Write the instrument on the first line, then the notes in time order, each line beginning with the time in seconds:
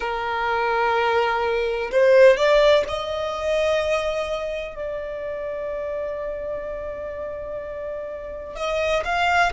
violin
0.00 A#4
1.91 C5
2.36 D5
2.88 D#5
4.75 D5
8.55 D#5
9.04 F5